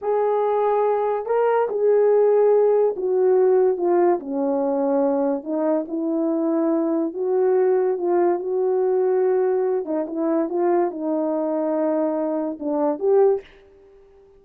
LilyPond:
\new Staff \with { instrumentName = "horn" } { \time 4/4 \tempo 4 = 143 gis'2. ais'4 | gis'2. fis'4~ | fis'4 f'4 cis'2~ | cis'4 dis'4 e'2~ |
e'4 fis'2 f'4 | fis'2.~ fis'8 dis'8 | e'4 f'4 dis'2~ | dis'2 d'4 g'4 | }